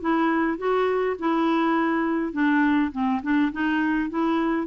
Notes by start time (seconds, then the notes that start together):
0.00 E4
0.57 F#4
1.19 E4
2.32 D4
2.92 C4
3.22 D4
3.52 D#4
4.10 E4